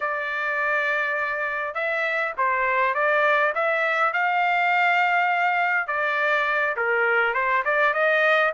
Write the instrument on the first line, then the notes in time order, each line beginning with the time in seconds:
trumpet
0.00 D5
1.74 E5
2.37 C5
2.94 D5
3.55 E5
4.13 F5
5.87 D5
6.76 A#4
7.33 C5
7.64 D5
7.93 D#5